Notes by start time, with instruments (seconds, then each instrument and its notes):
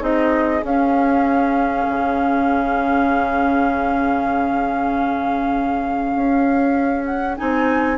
0.00 bassoon C4, clarinet D#4, oboe G#4, flute D#5
0.64 bassoon C#4, clarinet C#4, flute F5
1.89 bassoon C#3
6.16 bassoon C#4
7.05 flute F#5
7.37 bassoon C4, clarinet D#4, flute G#5